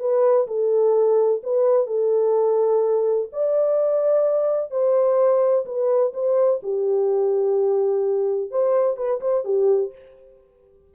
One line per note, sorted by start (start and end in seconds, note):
0.00 0.47 B4
0.47 1.42 A4
1.44 1.87 B4
1.87 3.29 A4
3.33 4.71 D5
4.71 5.66 C5
5.66 6.13 B4
6.14 6.61 C5
6.63 8.51 G4
8.51 8.97 C5
8.97 9.21 B4
9.21 9.45 C5
9.45 9.92 G4